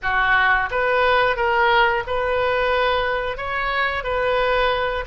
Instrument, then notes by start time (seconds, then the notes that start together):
oboe
0.02 F#4
0.70 B4
1.36 A#4
2.07 B4
3.37 C#5
4.03 B4